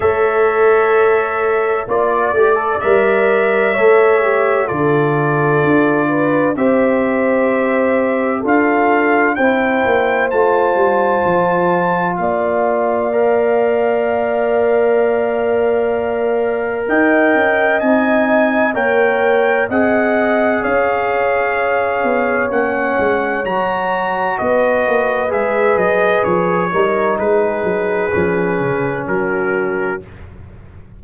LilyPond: <<
  \new Staff \with { instrumentName = "trumpet" } { \time 4/4 \tempo 4 = 64 e''2 d''4 e''4~ | e''4 d''2 e''4~ | e''4 f''4 g''4 a''4~ | a''4 f''2.~ |
f''2 g''4 gis''4 | g''4 fis''4 f''2 | fis''4 ais''4 dis''4 e''8 dis''8 | cis''4 b'2 ais'4 | }
  \new Staff \with { instrumentName = "horn" } { \time 4/4 cis''2 d''2 | cis''4 a'4. b'8 c''4~ | c''4 a'4 c''2~ | c''4 d''2.~ |
d''2 dis''2 | cis''4 dis''4 cis''2~ | cis''2 b'2~ | b'8 ais'8 gis'2 fis'4 | }
  \new Staff \with { instrumentName = "trombone" } { \time 4/4 a'2 f'8 g'16 a'16 ais'4 | a'8 g'8 f'2 g'4~ | g'4 f'4 e'4 f'4~ | f'2 ais'2~ |
ais'2. dis'4 | ais'4 gis'2. | cis'4 fis'2 gis'4~ | gis'8 dis'4. cis'2 | }
  \new Staff \with { instrumentName = "tuba" } { \time 4/4 a2 ais8 a8 g4 | a4 d4 d'4 c'4~ | c'4 d'4 c'8 ais8 a8 g8 | f4 ais2.~ |
ais2 dis'8 cis'8 c'4 | ais4 c'4 cis'4. b8 | ais8 gis8 fis4 b8 ais8 gis8 fis8 | f8 g8 gis8 fis8 f8 cis8 fis4 | }
>>